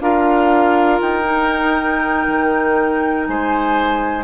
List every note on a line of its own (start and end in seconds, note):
0.00 1.00 D4
0.00 1.23 F4
0.00 3.27 A#4
0.00 1.01 F5
1.01 2.26 D#4
1.01 3.26 G5
1.23 4.23 D#4
2.27 3.27 D#3
3.26 4.23 G#3
3.26 4.23 C5
3.26 4.23 G#5